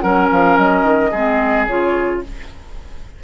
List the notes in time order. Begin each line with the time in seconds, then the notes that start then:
0.00 F#3 C#4 A#4 F#5
0.31 F3 F5
0.57 F#3 D#5
0.84 D#3
1.11 G#3 C4 G#4
1.67 C#3 F4 C#5